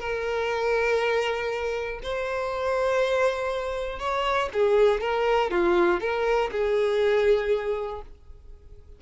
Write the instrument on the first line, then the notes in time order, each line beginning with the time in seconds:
violin
0.00 A#4
2.03 C5
3.99 C#5
4.53 G#4
5.00 A#4
5.51 F4
6.00 A#4
6.51 G#4